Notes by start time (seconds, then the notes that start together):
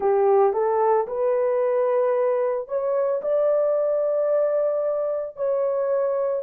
0.00 G4
0.53 A4
1.07 B4
2.68 C#5
3.21 D5
5.36 C#5